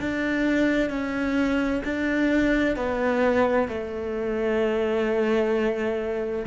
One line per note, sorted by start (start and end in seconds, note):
0.00 0.90 D4
0.90 1.82 C#4
1.85 2.77 D4
2.77 3.69 B3
3.69 6.46 A3